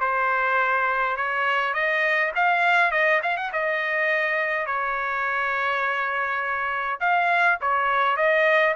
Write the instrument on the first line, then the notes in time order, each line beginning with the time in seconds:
trumpet
0.00 C5
1.16 C#5
1.73 D#5
2.35 F5
2.91 D#5
3.22 F5
3.37 F#5
3.52 D#5
4.66 C#5
7.00 F5
7.61 C#5
8.16 D#5